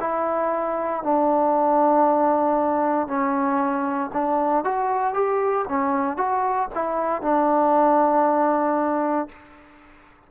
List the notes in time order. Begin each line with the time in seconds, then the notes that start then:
0.00 E4
1.03 D4
3.08 C#4
4.13 D4
4.65 F#4
5.14 G4
5.68 C#4
6.17 F#4
6.75 E4
7.22 D4